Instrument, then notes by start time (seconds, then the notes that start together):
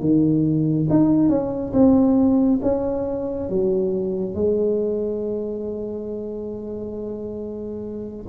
tuba
0.00 D#3
0.89 D#4
1.29 C#4
1.73 C4
2.62 C#4
3.49 F#3
4.35 G#3